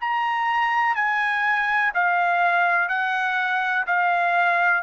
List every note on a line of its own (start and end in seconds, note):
0.00 0.95 A#5
0.95 1.92 G#5
1.94 2.88 F5
2.88 3.85 F#5
3.86 4.83 F5